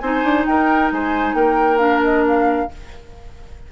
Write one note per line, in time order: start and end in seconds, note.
0.00 0.24 C4
0.00 1.79 D#4
0.00 0.47 C5
0.00 0.45 G#5
0.24 0.46 D4
0.46 0.92 D#4
0.46 0.94 A#4
0.46 0.91 G5
0.92 1.34 G#3
0.92 1.36 C5
0.92 1.35 G#5
1.34 2.69 A#3
1.34 2.71 A#4
1.34 1.79 G5
1.79 2.69 D4
1.79 2.01 F5
2.04 2.26 D#5
2.27 2.72 F5